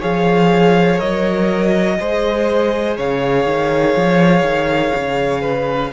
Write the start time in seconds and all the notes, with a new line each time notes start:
0.00 F3 G#4 C#5 F5
0.98 F#3 A#4 D#5
1.99 G#3 G#4 C5
2.97 C#3 C#5 F5
3.45 D#3
3.96 F3
4.42 D#3
4.95 C#3
5.41 B4